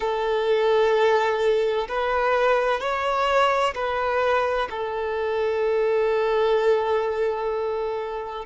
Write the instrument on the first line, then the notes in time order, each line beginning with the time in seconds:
violin
0.00 A4
1.88 B4
2.80 C#5
3.75 B4
4.70 A4